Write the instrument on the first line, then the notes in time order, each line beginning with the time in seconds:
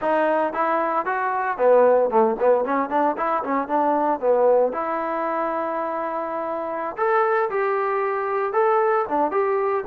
trombone
0.01 D#4
0.53 E4
1.05 F#4
1.57 B3
2.09 A3
2.39 B3
2.65 C#4
2.89 D4
3.17 E4
3.43 C#4
3.68 D4
4.20 B3
4.72 E4
6.97 A4
7.50 G4
8.53 A4
9.08 D4
9.31 G4